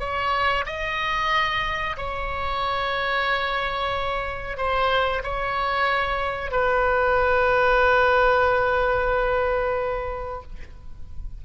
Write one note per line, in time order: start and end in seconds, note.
0.00 0.65 C#5
0.66 1.97 D#5
1.98 4.58 C#5
4.58 5.23 C5
5.24 6.52 C#5
6.52 10.43 B4